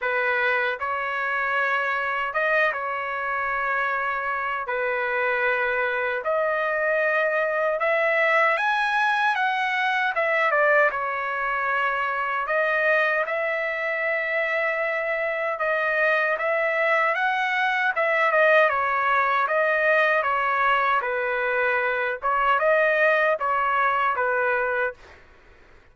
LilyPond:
\new Staff \with { instrumentName = "trumpet" } { \time 4/4 \tempo 4 = 77 b'4 cis''2 dis''8 cis''8~ | cis''2 b'2 | dis''2 e''4 gis''4 | fis''4 e''8 d''8 cis''2 |
dis''4 e''2. | dis''4 e''4 fis''4 e''8 dis''8 | cis''4 dis''4 cis''4 b'4~ | b'8 cis''8 dis''4 cis''4 b'4 | }